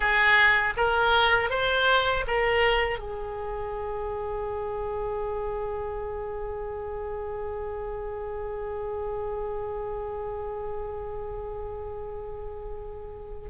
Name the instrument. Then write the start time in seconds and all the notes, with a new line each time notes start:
oboe
0.00 G#4
0.76 A#4
1.50 C5
2.27 A#4
2.99 G#4